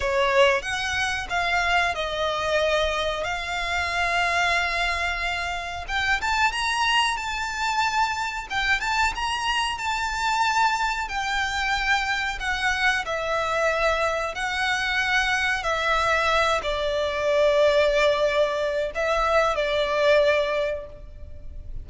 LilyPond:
\new Staff \with { instrumentName = "violin" } { \time 4/4 \tempo 4 = 92 cis''4 fis''4 f''4 dis''4~ | dis''4 f''2.~ | f''4 g''8 a''8 ais''4 a''4~ | a''4 g''8 a''8 ais''4 a''4~ |
a''4 g''2 fis''4 | e''2 fis''2 | e''4. d''2~ d''8~ | d''4 e''4 d''2 | }